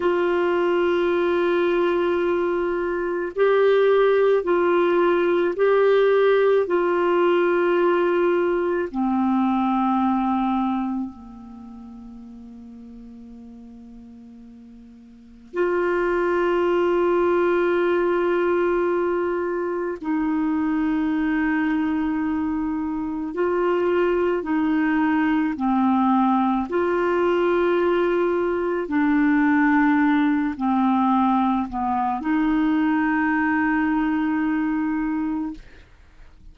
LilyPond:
\new Staff \with { instrumentName = "clarinet" } { \time 4/4 \tempo 4 = 54 f'2. g'4 | f'4 g'4 f'2 | c'2 ais2~ | ais2 f'2~ |
f'2 dis'2~ | dis'4 f'4 dis'4 c'4 | f'2 d'4. c'8~ | c'8 b8 dis'2. | }